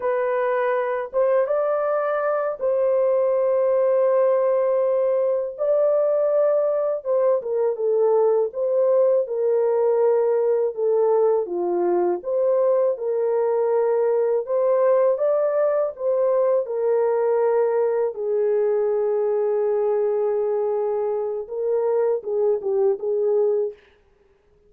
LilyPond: \new Staff \with { instrumentName = "horn" } { \time 4/4 \tempo 4 = 81 b'4. c''8 d''4. c''8~ | c''2.~ c''8 d''8~ | d''4. c''8 ais'8 a'4 c''8~ | c''8 ais'2 a'4 f'8~ |
f'8 c''4 ais'2 c''8~ | c''8 d''4 c''4 ais'4.~ | ais'8 gis'2.~ gis'8~ | gis'4 ais'4 gis'8 g'8 gis'4 | }